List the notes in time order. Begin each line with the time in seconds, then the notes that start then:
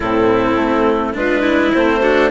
0.00 A2 C4 E4 A4
0.56 A3
1.13 G#3 D4 F4 B4
1.41 E4
1.73 A3 C4 C5
2.01 D4 F#4